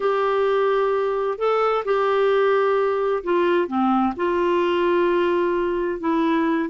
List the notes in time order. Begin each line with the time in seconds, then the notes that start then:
0.00 G4
1.38 A4
1.85 G4
3.23 F4
3.67 C4
4.16 F4
6.00 E4